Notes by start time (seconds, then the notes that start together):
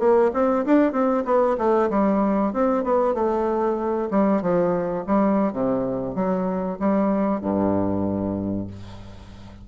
0.00 A#3
0.34 C4
0.66 D4
0.93 C4
1.26 B3
1.58 A3
1.90 G3
2.54 C4
2.84 B3
3.15 A3
4.11 G3
4.42 F3
5.07 G3
5.53 C3
6.16 F#3
6.80 G3
7.41 G2